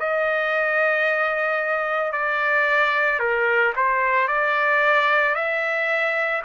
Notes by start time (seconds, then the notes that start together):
0.00 D#5
2.12 D5
3.19 A#4
3.76 C5
4.28 D5
5.35 E5